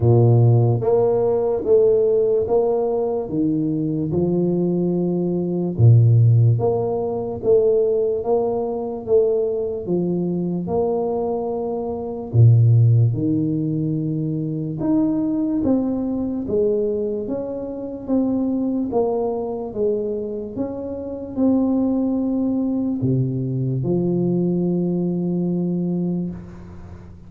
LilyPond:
\new Staff \with { instrumentName = "tuba" } { \time 4/4 \tempo 4 = 73 ais,4 ais4 a4 ais4 | dis4 f2 ais,4 | ais4 a4 ais4 a4 | f4 ais2 ais,4 |
dis2 dis'4 c'4 | gis4 cis'4 c'4 ais4 | gis4 cis'4 c'2 | c4 f2. | }